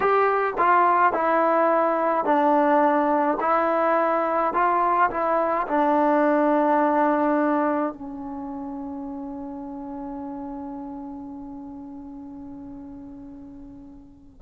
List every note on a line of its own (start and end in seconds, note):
0.00 0.54 G4
0.58 1.13 F4
1.13 2.24 E4
2.24 3.38 D4
3.40 4.53 E4
4.53 5.09 F4
5.10 5.67 E4
5.67 7.92 D4
7.92 14.42 C#4